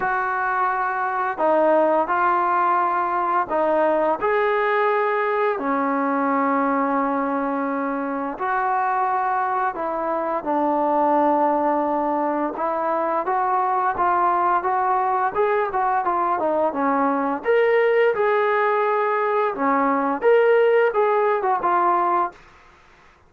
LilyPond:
\new Staff \with { instrumentName = "trombone" } { \time 4/4 \tempo 4 = 86 fis'2 dis'4 f'4~ | f'4 dis'4 gis'2 | cis'1 | fis'2 e'4 d'4~ |
d'2 e'4 fis'4 | f'4 fis'4 gis'8 fis'8 f'8 dis'8 | cis'4 ais'4 gis'2 | cis'4 ais'4 gis'8. fis'16 f'4 | }